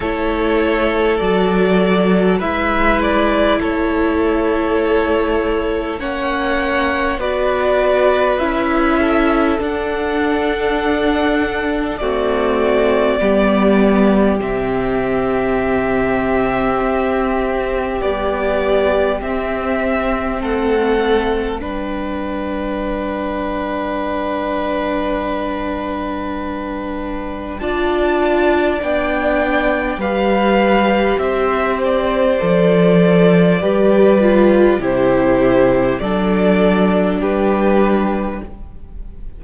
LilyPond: <<
  \new Staff \with { instrumentName = "violin" } { \time 4/4 \tempo 4 = 50 cis''4 d''4 e''8 d''8 cis''4~ | cis''4 fis''4 d''4 e''4 | fis''2 d''2 | e''2. d''4 |
e''4 fis''4 g''2~ | g''2. a''4 | g''4 f''4 e''8 d''4.~ | d''4 c''4 d''4 b'4 | }
  \new Staff \with { instrumentName = "violin" } { \time 4/4 a'2 b'4 a'4~ | a'4 cis''4 b'4. a'8~ | a'2 fis'4 g'4~ | g'1~ |
g'4 a'4 b'2~ | b'2. d''4~ | d''4 b'4 c''2 | b'4 g'4 a'4 g'4 | }
  \new Staff \with { instrumentName = "viola" } { \time 4/4 e'4 fis'4 e'2~ | e'4 cis'4 fis'4 e'4 | d'2 a4 b4 | c'2. g4 |
c'2 d'2~ | d'2. f'4 | d'4 g'2 a'4 | g'8 f'8 e'4 d'2 | }
  \new Staff \with { instrumentName = "cello" } { \time 4/4 a4 fis4 gis4 a4~ | a4 ais4 b4 cis'4 | d'2 c'4 g4 | c2 c'4 b4 |
c'4 a4 g2~ | g2. d'4 | b4 g4 c'4 f4 | g4 c4 fis4 g4 | }
>>